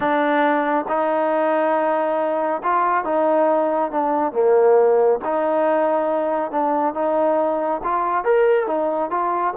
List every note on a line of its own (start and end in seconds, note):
0.00 0.85 D4
0.88 2.62 D#4
2.63 3.04 F4
3.04 3.91 D#4
3.91 4.32 D4
4.32 5.19 A#3
5.24 6.51 D#4
6.51 6.94 D4
6.94 7.81 D#4
7.83 8.24 F4
8.24 8.66 A#4
8.66 9.10 D#4
9.10 9.54 F4